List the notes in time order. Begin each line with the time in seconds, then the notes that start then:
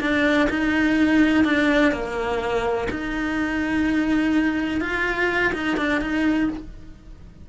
0.00 D4
0.49 D#4
1.44 D4
1.92 A#3
2.90 D#4
4.80 F4
5.53 D#4
5.77 D4
6.01 D#4